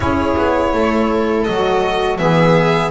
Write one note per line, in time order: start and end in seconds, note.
0.00 0.35 C#4
0.00 1.46 E4
0.00 0.74 G#4
0.00 1.44 C#5
0.36 0.73 B3
0.73 1.46 A3
0.73 2.21 A4
1.44 2.19 F#3
1.44 2.17 D#5
1.51 2.18 F#4
2.17 2.91 E3
2.17 2.91 B3
2.17 2.91 G#4
2.17 2.91 E5